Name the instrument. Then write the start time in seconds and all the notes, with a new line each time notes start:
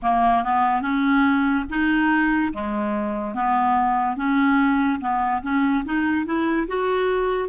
clarinet
0.02 A#3
0.43 B3
0.81 C#4
1.69 D#4
2.53 G#3
3.34 B3
4.16 C#4
5.00 B3
5.42 C#4
5.84 D#4
6.25 E4
6.67 F#4